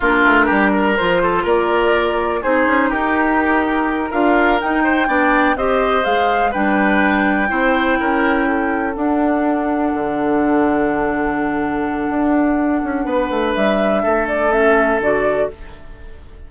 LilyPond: <<
  \new Staff \with { instrumentName = "flute" } { \time 4/4 \tempo 4 = 124 ais'2 c''4 d''4~ | d''4 c''4 ais'2~ | ais'8 f''4 g''2 dis''8~ | dis''8 f''4 g''2~ g''8~ |
g''2~ g''8 fis''4.~ | fis''1~ | fis''1 | e''4. d''8 e''4 d''4 | }
  \new Staff \with { instrumentName = "oboe" } { \time 4/4 f'4 g'8 ais'4 a'8 ais'4~ | ais'4 gis'4 g'2~ | g'8 ais'4. c''8 d''4 c''8~ | c''4. b'2 c''8~ |
c''8 ais'4 a'2~ a'8~ | a'1~ | a'2. b'4~ | b'4 a'2. | }
  \new Staff \with { instrumentName = "clarinet" } { \time 4/4 d'2 f'2~ | f'4 dis'2.~ | dis'8 f'4 dis'4 d'4 g'8~ | g'8 gis'4 d'2 e'8~ |
e'2~ e'8 d'4.~ | d'1~ | d'1~ | d'2 cis'4 fis'4 | }
  \new Staff \with { instrumentName = "bassoon" } { \time 4/4 ais8 a8 g4 f4 ais4~ | ais4 c'8 cis'8 dis'2~ | dis'8 d'4 dis'4 b4 c'8~ | c'8 gis4 g2 c'8~ |
c'8 cis'2 d'4.~ | d'8 d2.~ d8~ | d4 d'4. cis'8 b8 a8 | g4 a2 d4 | }
>>